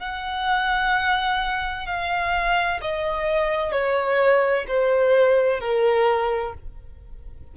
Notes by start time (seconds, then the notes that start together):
0.00 F#5
1.87 F5
2.82 D#5
3.72 C#5
4.68 C5
5.60 A#4